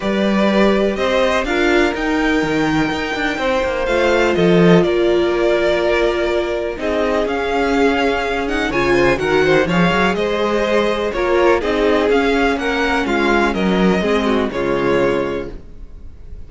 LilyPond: <<
  \new Staff \with { instrumentName = "violin" } { \time 4/4 \tempo 4 = 124 d''2 dis''4 f''4 | g''1 | f''4 dis''4 d''2~ | d''2 dis''4 f''4~ |
f''4. fis''8 gis''4 fis''4 | f''4 dis''2 cis''4 | dis''4 f''4 fis''4 f''4 | dis''2 cis''2 | }
  \new Staff \with { instrumentName = "violin" } { \time 4/4 b'2 c''4 ais'4~ | ais'2. c''4~ | c''4 a'4 ais'2~ | ais'2 gis'2~ |
gis'2 cis''8 c''8 ais'8 c''8 | cis''4 c''2 ais'4 | gis'2 ais'4 f'4 | ais'4 gis'8 fis'8 f'2 | }
  \new Staff \with { instrumentName = "viola" } { \time 4/4 g'2. f'4 | dis'1 | f'1~ | f'2 dis'4 cis'4~ |
cis'4. dis'8 f'4 fis'4 | gis'2. f'4 | dis'4 cis'2.~ | cis'4 c'4 gis2 | }
  \new Staff \with { instrumentName = "cello" } { \time 4/4 g2 c'4 d'4 | dis'4 dis4 dis'8 d'8 c'8 ais8 | a4 f4 ais2~ | ais2 c'4 cis'4~ |
cis'2 cis4 dis4 | f8 fis8 gis2 ais4 | c'4 cis'4 ais4 gis4 | fis4 gis4 cis2 | }
>>